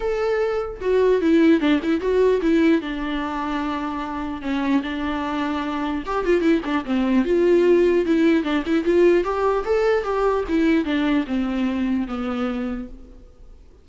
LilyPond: \new Staff \with { instrumentName = "viola" } { \time 4/4 \tempo 4 = 149 a'2 fis'4 e'4 | d'8 e'8 fis'4 e'4 d'4~ | d'2. cis'4 | d'2. g'8 f'8 |
e'8 d'8 c'4 f'2 | e'4 d'8 e'8 f'4 g'4 | a'4 g'4 e'4 d'4 | c'2 b2 | }